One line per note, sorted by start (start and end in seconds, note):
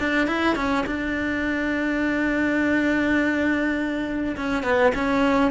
0.00 0.27 D4
0.27 0.56 E4
0.56 0.85 C#4
0.87 4.36 D4
4.37 4.63 C#4
4.63 4.92 B3
4.95 5.51 C#4